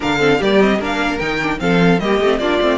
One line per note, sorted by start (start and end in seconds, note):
0.00 0.40 D3
0.00 0.19 D4
0.00 0.19 A#4
0.00 0.42 F5
0.19 0.39 C4
0.19 0.38 A4
0.38 0.79 G3
0.38 0.60 A#3
0.38 0.78 G4
0.38 0.61 D5
0.60 0.80 C4
0.60 0.81 D#5
0.79 1.19 A#3
0.79 1.20 D4
0.79 1.59 A#4
0.79 1.18 F5
1.18 1.60 D#3
1.18 1.41 D#4
1.18 1.58 G5
1.42 1.58 D4
1.58 2.00 F3
1.58 1.98 C4
1.58 2.02 A4
1.58 1.99 F5
1.99 2.19 G3
1.99 2.22 A#3
1.99 2.40 G4
1.99 2.38 D#5
2.19 2.38 A3
2.19 2.41 C4
2.38 2.58 A#3
2.38 2.61 D4
2.38 2.78 F4
2.38 2.78 D5
2.61 2.78 A3
2.61 2.78 C4